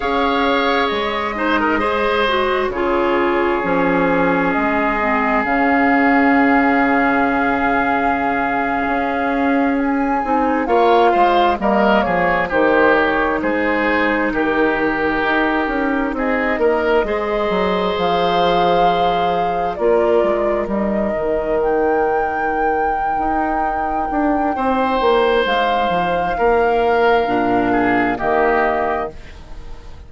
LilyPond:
<<
  \new Staff \with { instrumentName = "flute" } { \time 4/4 \tempo 4 = 66 f''4 dis''2 cis''4~ | cis''4 dis''4 f''2~ | f''2~ f''8. gis''4 f''16~ | f''8. dis''8 cis''8 c''8 cis''8 c''4 ais'16~ |
ais'4.~ ais'16 dis''2 f''16~ | f''4.~ f''16 d''4 dis''4 g''16~ | g''1 | f''2. dis''4 | }
  \new Staff \with { instrumentName = "oboe" } { \time 4/4 cis''4. c''16 ais'16 c''4 gis'4~ | gis'1~ | gis'2.~ gis'8. cis''16~ | cis''16 c''8 ais'8 gis'8 g'4 gis'4 g'16~ |
g'4.~ g'16 gis'8 ais'8 c''4~ c''16~ | c''4.~ c''16 ais'2~ ais'16~ | ais'2. c''4~ | c''4 ais'4. gis'8 g'4 | }
  \new Staff \with { instrumentName = "clarinet" } { \time 4/4 gis'4. dis'8 gis'8 fis'8 f'4 | cis'4. c'8 cis'2~ | cis'2.~ cis'16 dis'8 f'16~ | f'8. ais4 dis'2~ dis'16~ |
dis'2~ dis'8. gis'4~ gis'16~ | gis'4.~ gis'16 f'4 dis'4~ dis'16~ | dis'1~ | dis'2 d'4 ais4 | }
  \new Staff \with { instrumentName = "bassoon" } { \time 4/4 cis'4 gis2 cis4 | f4 gis4 cis2~ | cis4.~ cis16 cis'4. c'8 ais16~ | ais16 gis8 g8 f8 dis4 gis4 dis16~ |
dis8. dis'8 cis'8 c'8 ais8 gis8 fis8 f16~ | f4.~ f16 ais8 gis8 g8 dis8.~ | dis4. dis'4 d'8 c'8 ais8 | gis8 f8 ais4 ais,4 dis4 | }
>>